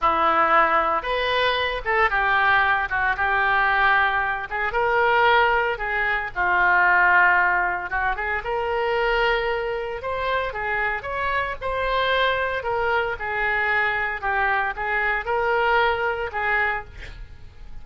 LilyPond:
\new Staff \with { instrumentName = "oboe" } { \time 4/4 \tempo 4 = 114 e'2 b'4. a'8 | g'4. fis'8 g'2~ | g'8 gis'8 ais'2 gis'4 | f'2. fis'8 gis'8 |
ais'2. c''4 | gis'4 cis''4 c''2 | ais'4 gis'2 g'4 | gis'4 ais'2 gis'4 | }